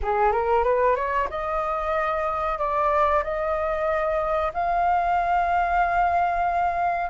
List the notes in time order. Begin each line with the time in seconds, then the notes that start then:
0.02 G#4
0.32 A#4
0.63 B4
0.95 C#5
1.30 D#5
2.58 D5
3.23 D#5
4.53 F5